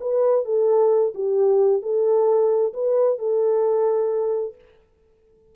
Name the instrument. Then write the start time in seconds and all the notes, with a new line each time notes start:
horn
0.00 B4
0.45 A4
1.15 G4
1.82 A4
2.73 B4
3.19 A4